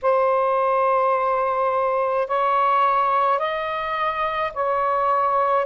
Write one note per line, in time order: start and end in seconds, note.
0.02 2.27 C5
2.27 3.39 C#5
3.39 4.52 D#5
4.53 5.66 C#5